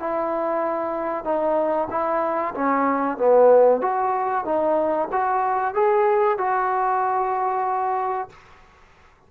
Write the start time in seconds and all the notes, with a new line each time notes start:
0.00 E4
1.25 D#4
1.91 E4
2.55 C#4
3.18 B3
3.82 F#4
4.45 D#4
5.13 F#4
5.75 G#4
6.38 F#4